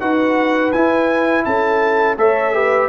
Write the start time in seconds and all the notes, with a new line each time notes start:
0.00 D#4 F#4 B4 F#5
0.73 E4 G#5
1.45 C#4 A4 A5
2.18 A3 A4 C#5 E5
2.54 G4 B4